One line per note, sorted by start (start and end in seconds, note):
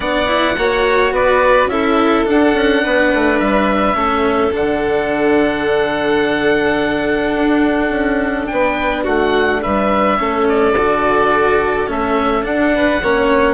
0.00 0.56 B3
0.00 0.27 D4
0.00 0.55 D5
0.00 1.12 F#5
0.27 0.55 E4
0.57 1.11 A#3
0.57 1.70 F#4
0.57 1.13 C#5
1.11 1.66 B3
1.11 1.70 B4
1.11 1.68 D5
1.66 2.22 C#4
1.66 2.25 E4
1.66 2.83 A4
1.66 2.25 E5
2.25 3.94 D4
2.25 2.53 D4
2.25 3.39 F#5
2.53 2.81 C#4
2.83 3.13 B3
2.83 3.96 B4
3.13 3.40 A3
3.39 3.94 G3
3.39 4.52 E5
3.94 4.51 A3
3.94 4.51 C#4
3.94 8.52 A4
4.52 7.35 D3
4.52 10.17 D4
4.52 8.46 F#5
7.35 7.89 D4
7.89 8.46 C#4
8.46 9.05 B3
8.46 9.03 B4
8.46 9.03 G5
9.03 9.62 A3
9.03 9.60 F#4
9.03 9.62 F#5
9.62 10.20 G3
9.62 10.19 B4
9.62 10.47 E5
10.17 10.74 A3
10.17 10.74 C#4
10.17 12.74 A4
10.48 11.90 D5
10.74 11.87 D3
10.74 11.87 F#4
11.87 12.44 A3
11.87 12.43 C#4
11.87 12.44 E5
12.43 12.99 D4
12.43 13.00 D4
12.43 13.54 F#5
12.74 13.02 B4
13.02 13.54 A#3
13.02 13.54 C#4
13.02 13.54 C#5